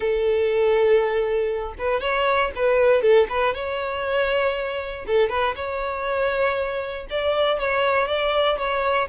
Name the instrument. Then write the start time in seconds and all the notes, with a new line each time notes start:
violin
0.00 A4
1.78 B4
2.00 C#5
2.55 B4
3.02 A4
3.29 B4
3.54 C#5
5.06 A4
5.29 B4
5.55 C#5
7.10 D5
7.59 C#5
8.07 D5
8.57 C#5